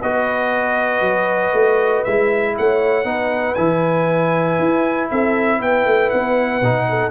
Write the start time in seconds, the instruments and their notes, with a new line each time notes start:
0.00 tuba B3, trombone F#4, horn B4, trumpet D#5
1.01 tuba F#3
1.53 tuba A3
2.04 tuba G#3, trombone E4, trumpet E5
2.58 tuba A3, horn C#5, trumpet F#5
3.04 tuba B3, trombone D#4, horn B4
3.54 tuba E3, trombone E4, trumpet G#5
4.59 tuba E4
5.10 tuba C4, horn A4, trumpet E5
5.59 tuba B3, horn B4, trumpet G5
5.85 tuba A3
6.10 tuba B3, trumpet F#5
6.61 tuba B2, trombone D#4
6.89 horn A4